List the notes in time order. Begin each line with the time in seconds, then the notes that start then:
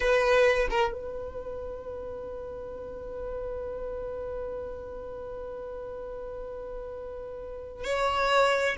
0.00 B4
0.70 A#4
0.93 B4
7.84 C#5